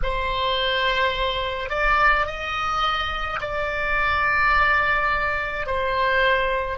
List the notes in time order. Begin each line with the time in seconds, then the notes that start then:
0.03 C5
1.69 D5
2.26 D#5
3.40 D5
5.66 C5